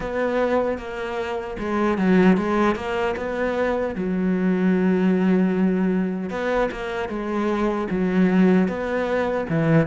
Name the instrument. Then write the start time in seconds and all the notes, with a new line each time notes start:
cello
0.00 B3
0.78 A#3
1.59 G#3
1.98 F#3
2.37 G#3
2.75 A#3
3.16 B3
3.95 F#3
6.29 B3
6.71 A#3
7.08 G#3
7.90 F#3
8.67 B3
9.49 E3